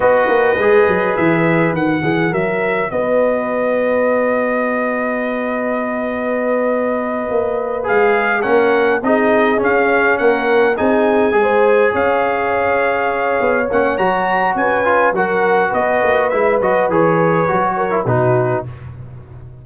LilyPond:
<<
  \new Staff \with { instrumentName = "trumpet" } { \time 4/4 \tempo 4 = 103 dis''2 e''4 fis''4 | e''4 dis''2.~ | dis''1~ | dis''4. f''4 fis''4 dis''8~ |
dis''8 f''4 fis''4 gis''4.~ | gis''8 f''2. fis''8 | ais''4 gis''4 fis''4 dis''4 | e''8 dis''8 cis''2 b'4 | }
  \new Staff \with { instrumentName = "horn" } { \time 4/4 b'2.~ b'8 gis'8 | ais'4 b'2.~ | b'1~ | b'2~ b'8 ais'4 gis'8~ |
gis'4. ais'4 gis'4 c''8~ | c''8 cis''2.~ cis''8~ | cis''4 b'4 ais'4 b'4~ | b'2~ b'8 ais'8 fis'4 | }
  \new Staff \with { instrumentName = "trombone" } { \time 4/4 fis'4 gis'2 fis'4~ | fis'1~ | fis'1~ | fis'4. gis'4 cis'4 dis'8~ |
dis'8 cis'2 dis'4 gis'8~ | gis'2.~ gis'8 cis'8 | fis'4. f'8 fis'2 | e'8 fis'8 gis'4 fis'8. e'16 dis'4 | }
  \new Staff \with { instrumentName = "tuba" } { \time 4/4 b8 ais8 gis8 fis8 e4 dis8 e8 | fis4 b2.~ | b1~ | b8 ais4 gis4 ais4 c'8~ |
c'8 cis'4 ais4 c'4 gis8~ | gis8 cis'2~ cis'8 b8 ais8 | fis4 cis'4 fis4 b8 ais8 | gis8 fis8 e4 fis4 b,4 | }
>>